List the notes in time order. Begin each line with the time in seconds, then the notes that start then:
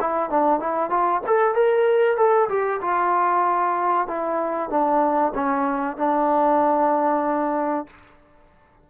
0.00 E4
0.30 D4
0.60 E4
0.90 F4
1.26 A4
1.55 A#4
2.17 A4
2.49 G4
2.81 F4
4.07 E4
4.69 D4
5.34 C#4
5.97 D4